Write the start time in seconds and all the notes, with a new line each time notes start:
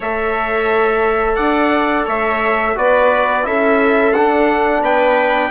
0.00 A3 A4 C#5 E5
1.35 D4 D5 F#5
2.05 A3 C#5 E5
2.75 B3 F#4 B4 D5
3.43 C#4 E4 A4 E5
4.13 D4 F#5
4.81 B3 B4 G5